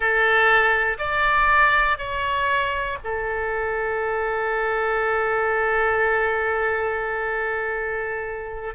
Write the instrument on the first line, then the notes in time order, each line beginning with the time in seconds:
oboe
0.00 A4
0.98 D5
1.97 C#5
3.04 A4